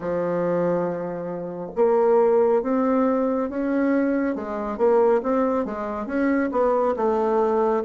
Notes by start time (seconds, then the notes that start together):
0.00 F3
1.75 A#3
2.62 C4
3.49 C#4
4.35 G#3
4.77 A#3
5.22 C4
5.65 G#3
6.06 C#4
6.51 B3
6.96 A3